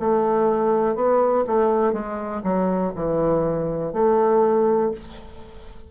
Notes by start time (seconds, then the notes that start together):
0.00 A3
0.96 B3
1.47 A3
1.93 G#3
2.44 F#3
2.96 E3
3.93 A3